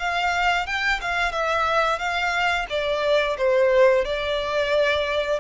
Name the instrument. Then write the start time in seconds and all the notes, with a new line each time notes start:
violin
0.00 F5
0.67 G5
1.01 F5
1.32 E5
1.99 F5
2.70 D5
3.38 C5
4.05 D5